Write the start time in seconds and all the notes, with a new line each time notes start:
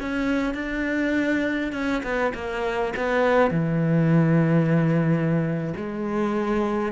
0.00 C#4
0.54 D4
1.73 C#4
2.03 B3
2.34 A#3
2.96 B3
3.51 E3
5.77 G#3